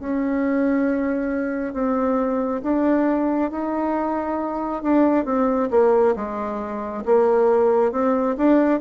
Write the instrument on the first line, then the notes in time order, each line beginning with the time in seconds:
bassoon
0.00 C#4
1.73 C4
2.63 D4
3.51 D#4
4.82 D4
5.25 C4
5.71 A#3
6.16 G#3
7.05 A#3
7.92 C4
8.37 D4